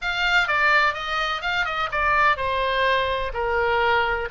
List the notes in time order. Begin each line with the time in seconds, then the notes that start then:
0.01 F5
0.47 D5
0.94 D#5
1.41 F5
1.65 D#5
1.91 D5
2.36 C5
3.33 A#4